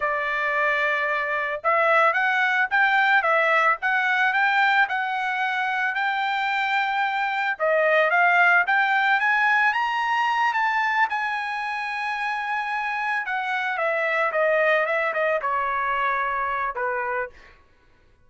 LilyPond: \new Staff \with { instrumentName = "trumpet" } { \time 4/4 \tempo 4 = 111 d''2. e''4 | fis''4 g''4 e''4 fis''4 | g''4 fis''2 g''4~ | g''2 dis''4 f''4 |
g''4 gis''4 ais''4. a''8~ | a''8 gis''2.~ gis''8~ | gis''8 fis''4 e''4 dis''4 e''8 | dis''8 cis''2~ cis''8 b'4 | }